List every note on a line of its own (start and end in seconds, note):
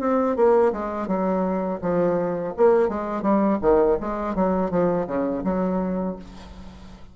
0.00 0.36 C4
0.36 0.73 A#3
0.73 1.07 G#3
1.07 1.80 F#3
1.82 2.54 F3
2.57 2.89 A#3
2.89 3.22 G#3
3.22 3.58 G3
3.62 3.98 D#3
4.01 4.35 G#3
4.35 4.71 F#3
4.71 5.07 F3
5.07 5.43 C#3
5.44 6.16 F#3